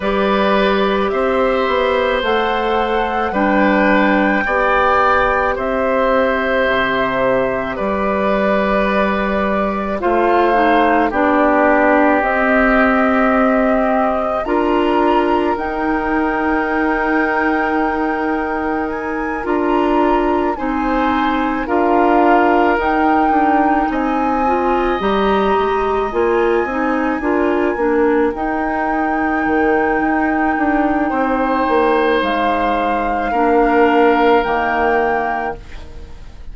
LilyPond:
<<
  \new Staff \with { instrumentName = "flute" } { \time 4/4 \tempo 4 = 54 d''4 e''4 fis''4 g''4~ | g''4 e''2 d''4~ | d''4 f''4 d''4 dis''4~ | dis''4 ais''4 g''2~ |
g''4 gis''8 ais''4 gis''4 f''8~ | f''8 g''4 gis''4 ais''4 gis''8~ | gis''4. g''2~ g''8~ | g''4 f''2 g''4 | }
  \new Staff \with { instrumentName = "oboe" } { \time 4/4 b'4 c''2 b'4 | d''4 c''2 b'4~ | b'4 c''4 g'2~ | g'4 ais'2.~ |
ais'2~ ais'8 c''4 ais'8~ | ais'4. dis''2~ dis''8~ | dis''8 ais'2.~ ais'8 | c''2 ais'2 | }
  \new Staff \with { instrumentName = "clarinet" } { \time 4/4 g'2 a'4 d'4 | g'1~ | g'4 f'8 dis'8 d'4 c'4~ | c'4 f'4 dis'2~ |
dis'4. f'4 dis'4 f'8~ | f'8 dis'4. f'8 g'4 f'8 | dis'8 f'8 d'8 dis'2~ dis'8~ | dis'2 d'4 ais4 | }
  \new Staff \with { instrumentName = "bassoon" } { \time 4/4 g4 c'8 b8 a4 g4 | b4 c'4 c4 g4~ | g4 a4 b4 c'4~ | c'4 d'4 dis'2~ |
dis'4. d'4 c'4 d'8~ | d'8 dis'8 d'8 c'4 g8 gis8 ais8 | c'8 d'8 ais8 dis'4 dis8 dis'8 d'8 | c'8 ais8 gis4 ais4 dis4 | }
>>